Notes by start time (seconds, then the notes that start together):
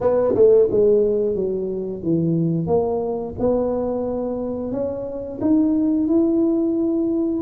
0.00 B3
0.34 A3
0.70 G#3
1.35 F#3
2.03 E3
2.67 A#3
3.39 B3
4.72 C#4
5.41 D#4
6.07 E4